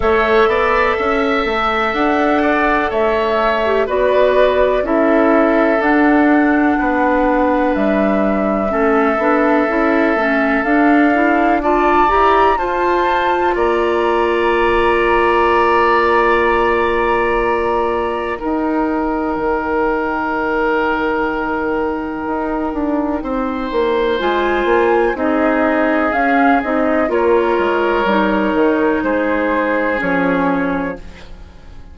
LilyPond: <<
  \new Staff \with { instrumentName = "flute" } { \time 4/4 \tempo 4 = 62 e''2 fis''4 e''4 | d''4 e''4 fis''2 | e''2. f''4 | a''8 ais''8 a''4 ais''2~ |
ais''2. g''4~ | g''1~ | g''4 gis''4 dis''4 f''8 dis''8 | cis''2 c''4 cis''4 | }
  \new Staff \with { instrumentName = "oboe" } { \time 4/4 cis''8 d''8 e''4. d''8 cis''4 | b'4 a'2 b'4~ | b'4 a'2. | d''4 c''4 d''2~ |
d''2. ais'4~ | ais'1 | c''2 gis'2 | ais'2 gis'2 | }
  \new Staff \with { instrumentName = "clarinet" } { \time 4/4 a'2.~ a'8. g'16 | fis'4 e'4 d'2~ | d'4 cis'8 d'8 e'8 cis'8 d'8 e'8 | f'8 g'8 f'2.~ |
f'2. dis'4~ | dis'1~ | dis'4 f'4 dis'4 cis'8 dis'8 | f'4 dis'2 cis'4 | }
  \new Staff \with { instrumentName = "bassoon" } { \time 4/4 a8 b8 cis'8 a8 d'4 a4 | b4 cis'4 d'4 b4 | g4 a8 b8 cis'8 a8 d'4~ | d'8 e'8 f'4 ais2~ |
ais2. dis'4 | dis2. dis'8 d'8 | c'8 ais8 gis8 ais8 c'4 cis'8 c'8 | ais8 gis8 g8 dis8 gis4 f4 | }
>>